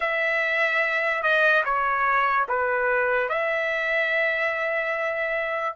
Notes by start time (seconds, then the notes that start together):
0.00 E5
1.22 D#5
1.64 C#5
2.48 B4
3.29 E5